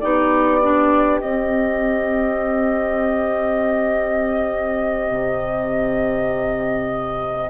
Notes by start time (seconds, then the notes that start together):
0.00 B3 D#4 G4 D5
0.62 D4
1.21 C4 D#5
5.11 C3